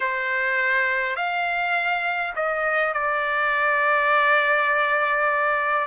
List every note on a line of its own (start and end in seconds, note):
0.00 1.16 C5
1.16 2.33 F5
2.35 2.94 D#5
2.94 5.87 D5